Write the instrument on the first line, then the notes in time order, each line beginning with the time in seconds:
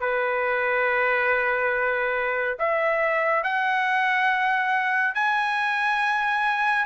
trumpet
0.00 B4
2.59 E5
3.43 F#5
5.15 G#5